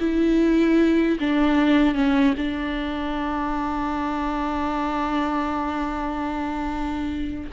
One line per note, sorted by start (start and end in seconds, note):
0.00 1.18 E4
1.20 1.95 D4
1.95 2.34 C#4
2.38 7.51 D4